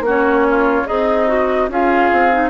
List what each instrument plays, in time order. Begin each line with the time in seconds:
0.00 bassoon A#3, oboe F#4
0.07 clarinet C#4, flute C#5
0.50 oboe F4
0.86 bassoon C4, oboe D#4, clarinet G#4, flute D#5
1.27 clarinet F#4
1.68 bassoon C#4, clarinet F4, oboe G#4, flute F5
2.12 bassoon C4
2.32 clarinet D#4